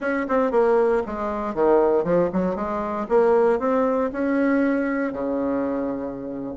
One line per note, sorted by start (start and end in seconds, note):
0.00 0.26 C#4
0.28 0.51 C4
0.51 1.02 A#3
1.06 1.54 G#3
1.54 2.04 D#3
2.04 2.29 F3
2.33 2.55 F#3
2.55 3.06 G#3
3.08 3.59 A#3
3.59 4.10 C4
4.12 5.12 C#4
5.12 6.53 C#3